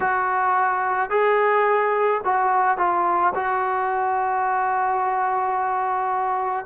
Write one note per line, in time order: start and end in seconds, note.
0.00 1.10 F#4
1.10 2.21 G#4
2.24 2.77 F#4
2.77 3.33 F4
3.34 6.65 F#4